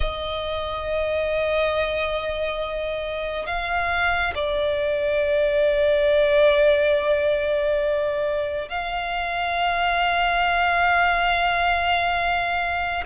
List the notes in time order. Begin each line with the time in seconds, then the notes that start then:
0.00 D#5
3.46 F5
4.34 D5
8.68 F5